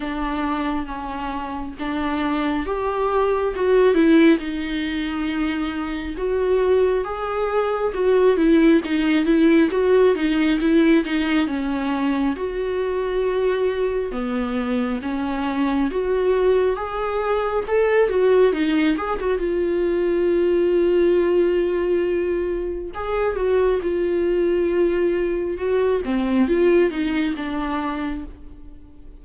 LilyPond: \new Staff \with { instrumentName = "viola" } { \time 4/4 \tempo 4 = 68 d'4 cis'4 d'4 g'4 | fis'8 e'8 dis'2 fis'4 | gis'4 fis'8 e'8 dis'8 e'8 fis'8 dis'8 | e'8 dis'8 cis'4 fis'2 |
b4 cis'4 fis'4 gis'4 | a'8 fis'8 dis'8 gis'16 fis'16 f'2~ | f'2 gis'8 fis'8 f'4~ | f'4 fis'8 c'8 f'8 dis'8 d'4 | }